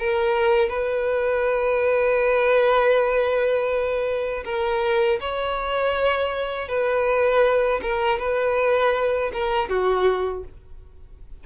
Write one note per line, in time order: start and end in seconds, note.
0.00 0.69 A#4
0.69 4.44 B4
4.45 5.20 A#4
5.21 6.69 C#5
6.69 7.81 B4
7.83 8.20 A#4
8.20 9.32 B4
9.33 9.69 A#4
9.69 10.44 F#4